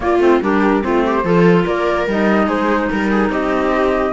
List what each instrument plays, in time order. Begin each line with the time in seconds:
0.00 cello A#3, clarinet A#3, viola F4, flute D5
0.18 cello A3, clarinet C4, flute C5
0.42 cello G3, clarinet D4, viola G4, flute A#4
0.82 cello A3, clarinet C4, viola F4, flute C5
1.06 viola G4
1.23 cello F3, clarinet F4, viola A4
1.64 cello A#3, viola A#4, flute D5
2.06 cello G3, clarinet D#4, flute D#5
2.46 cello G#3, viola G#4, flute C5
2.90 cello G3, flute A#4, viola A#4
3.10 viola G#4
3.29 cello C4, viola G4, flute D#5